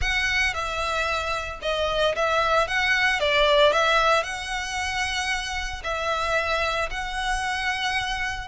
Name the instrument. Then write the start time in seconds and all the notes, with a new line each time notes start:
violin
0.01 F#5
0.53 E5
1.61 D#5
2.15 E5
2.67 F#5
3.20 D5
3.72 E5
4.23 F#5
5.83 E5
6.90 F#5